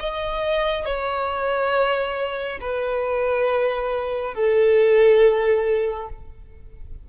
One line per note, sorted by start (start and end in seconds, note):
0.00 0.85 D#5
0.85 2.59 C#5
2.61 4.34 B4
4.34 6.08 A4